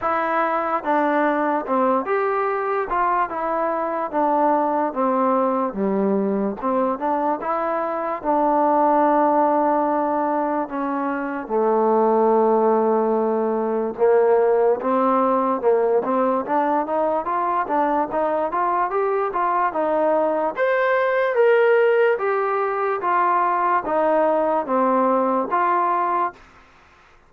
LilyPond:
\new Staff \with { instrumentName = "trombone" } { \time 4/4 \tempo 4 = 73 e'4 d'4 c'8 g'4 f'8 | e'4 d'4 c'4 g4 | c'8 d'8 e'4 d'2~ | d'4 cis'4 a2~ |
a4 ais4 c'4 ais8 c'8 | d'8 dis'8 f'8 d'8 dis'8 f'8 g'8 f'8 | dis'4 c''4 ais'4 g'4 | f'4 dis'4 c'4 f'4 | }